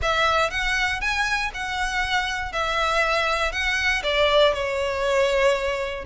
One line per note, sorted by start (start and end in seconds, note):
0.02 0.50 E5
0.50 1.00 F#5
1.00 1.51 G#5
1.54 2.52 F#5
2.52 3.52 E5
3.52 4.02 F#5
4.03 4.53 D5
4.53 6.05 C#5